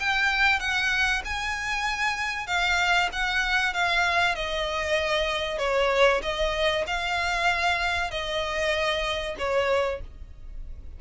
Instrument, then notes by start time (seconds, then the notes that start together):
violin
0.00 G5
0.60 F#5
1.26 G#5
2.47 F5
3.13 F#5
3.74 F5
4.36 D#5
5.59 C#5
6.23 D#5
6.87 F5
8.11 D#5
9.39 C#5